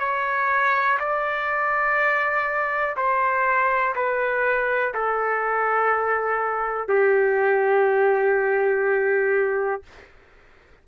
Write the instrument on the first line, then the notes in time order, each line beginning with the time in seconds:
trumpet
0.00 C#5
0.99 D5
2.96 C5
3.96 B4
4.94 A4
6.88 G4